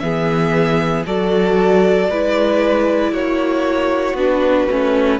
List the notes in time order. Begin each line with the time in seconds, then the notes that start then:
0.00 E3 B3 G#4 E5
1.07 F#3 F#4 A4 D5
2.09 G#3 E4 B4
3.12 A#3 F#4 C#5
4.14 B3 D4 B4
4.71 A3 C#4